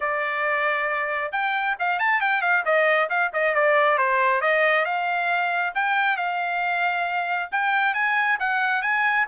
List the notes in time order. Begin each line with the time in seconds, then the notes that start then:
0.00 D5
1.31 G5
1.79 F5
1.99 A5
2.21 G5
2.41 F5
2.65 D#5
3.09 F5
3.33 D#5
3.54 D5
3.98 C5
4.41 D#5
4.85 F5
5.74 G5
6.16 F5
7.51 G5
7.94 G#5
8.39 F#5
8.81 G#5